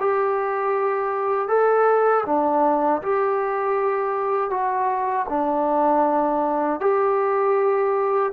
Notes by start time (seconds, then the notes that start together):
0.00 G4
1.48 A4
2.26 D4
3.02 G4
4.51 F#4
5.29 D4
6.81 G4